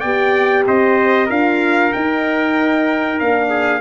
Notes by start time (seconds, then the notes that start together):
0.00 B3 G4 D5 G5
0.67 C4 C5 D#5
1.26 D4 F4 A#4 F5
1.91 D#4 G5
3.18 A#3 D4 F5
3.49 G#4